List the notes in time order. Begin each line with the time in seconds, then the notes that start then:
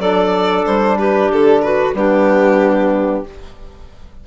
0.00 F#3 D4 A4 D5
0.66 G3 C5
0.99 G4 B4
1.32 D3 A4
1.62 F#4 B4
1.94 G3 B3 D4 G4